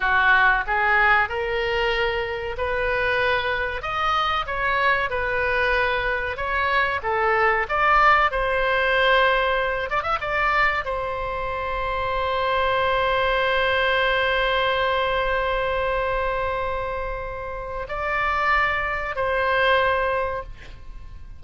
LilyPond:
\new Staff \with { instrumentName = "oboe" } { \time 4/4 \tempo 4 = 94 fis'4 gis'4 ais'2 | b'2 dis''4 cis''4 | b'2 cis''4 a'4 | d''4 c''2~ c''8 d''16 e''16 |
d''4 c''2.~ | c''1~ | c''1 | d''2 c''2 | }